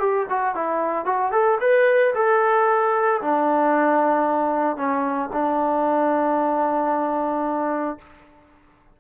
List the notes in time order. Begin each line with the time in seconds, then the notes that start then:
0.00 G4
0.30 F#4
0.56 E4
1.06 F#4
1.32 A4
1.61 B4
2.15 A4
3.22 D4
4.77 C#4
5.33 D4